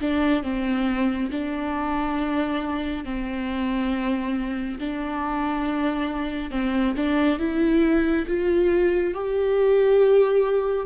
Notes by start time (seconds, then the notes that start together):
0.00 D4
0.43 C4
1.31 D4
3.04 C4
4.79 D4
6.50 C4
6.96 D4
7.39 E4
8.26 F4
9.14 G4